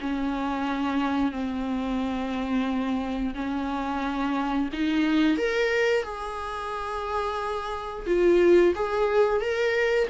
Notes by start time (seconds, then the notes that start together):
0.00 C#4
1.31 C4
3.34 C#4
4.73 D#4
5.37 A#4
6.03 G#4
8.06 F4
8.75 G#4
9.40 A#4